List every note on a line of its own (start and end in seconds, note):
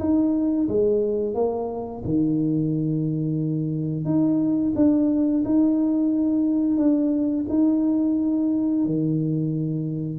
0.00 0.68 D#4
0.68 1.35 G#3
1.35 2.03 A#3
2.05 4.05 D#3
4.05 4.74 D#4
4.76 5.44 D4
5.45 6.77 D#4
6.77 7.46 D4
7.50 8.86 D#4
8.86 10.19 D#3